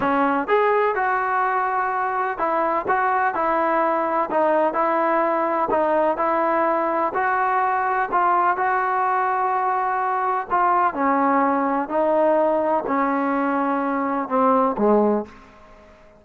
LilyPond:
\new Staff \with { instrumentName = "trombone" } { \time 4/4 \tempo 4 = 126 cis'4 gis'4 fis'2~ | fis'4 e'4 fis'4 e'4~ | e'4 dis'4 e'2 | dis'4 e'2 fis'4~ |
fis'4 f'4 fis'2~ | fis'2 f'4 cis'4~ | cis'4 dis'2 cis'4~ | cis'2 c'4 gis4 | }